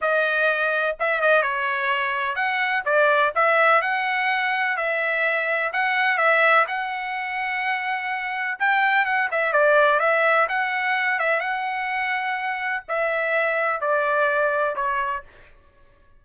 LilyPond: \new Staff \with { instrumentName = "trumpet" } { \time 4/4 \tempo 4 = 126 dis''2 e''8 dis''8 cis''4~ | cis''4 fis''4 d''4 e''4 | fis''2 e''2 | fis''4 e''4 fis''2~ |
fis''2 g''4 fis''8 e''8 | d''4 e''4 fis''4. e''8 | fis''2. e''4~ | e''4 d''2 cis''4 | }